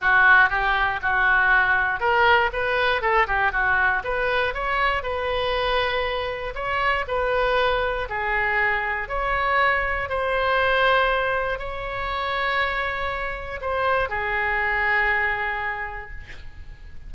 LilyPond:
\new Staff \with { instrumentName = "oboe" } { \time 4/4 \tempo 4 = 119 fis'4 g'4 fis'2 | ais'4 b'4 a'8 g'8 fis'4 | b'4 cis''4 b'2~ | b'4 cis''4 b'2 |
gis'2 cis''2 | c''2. cis''4~ | cis''2. c''4 | gis'1 | }